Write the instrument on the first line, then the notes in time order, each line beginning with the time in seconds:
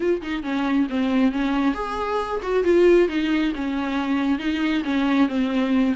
viola
0.00 F4
0.21 D#4
0.43 C#4
0.89 C4
1.32 C#4
1.74 G#4
2.42 F#4
2.64 F4
3.08 D#4
3.55 C#4
4.38 D#4
4.84 C#4
5.28 C4